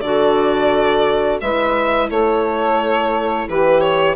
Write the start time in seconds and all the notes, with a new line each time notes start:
0.00 D3 F#4 A4 D5
1.40 G#3 E4 B4 E5
2.09 A3 A4 C#5
3.47 E3 G4 B4
3.81 C#5